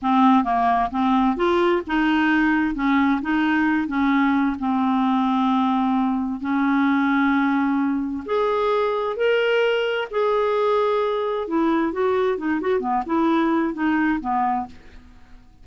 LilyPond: \new Staff \with { instrumentName = "clarinet" } { \time 4/4 \tempo 4 = 131 c'4 ais4 c'4 f'4 | dis'2 cis'4 dis'4~ | dis'8 cis'4. c'2~ | c'2 cis'2~ |
cis'2 gis'2 | ais'2 gis'2~ | gis'4 e'4 fis'4 dis'8 fis'8 | b8 e'4. dis'4 b4 | }